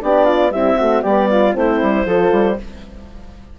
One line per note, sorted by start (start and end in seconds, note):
0.00 0.53 B3
0.00 0.50 D4
0.00 0.25 G4
0.00 0.51 D5
0.25 0.51 F4
0.50 0.76 G3
0.50 1.04 C4
0.50 0.76 E4
0.50 1.02 E5
0.76 1.02 A3
0.76 1.02 F#4
1.02 1.55 G3
1.02 1.51 B3
1.02 1.28 G4
1.02 1.53 D5
1.30 1.55 F4
1.51 1.81 A3
1.51 2.03 C4
1.51 2.06 E4
1.51 2.59 C5
1.82 2.05 G3
2.05 2.31 F3
2.05 2.56 F4
2.05 2.57 A4
2.31 2.57 G3